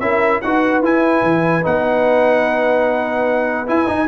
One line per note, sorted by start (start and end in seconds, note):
0.00 0.41 C#4
0.00 0.43 E4
0.00 0.43 A#4
0.00 0.41 E5
0.41 0.82 D#4
0.41 0.83 F#4
0.41 4.08 B4
0.41 0.82 F#5
0.82 1.22 E4
0.82 1.63 E4
0.82 1.65 G#5
1.23 1.64 E3
1.63 3.69 B3
1.63 3.67 D#4
1.63 3.69 F#5
3.67 3.87 E4
3.67 3.90 E4
3.67 4.08 G#5
3.87 4.07 D#4
3.87 4.08 D#4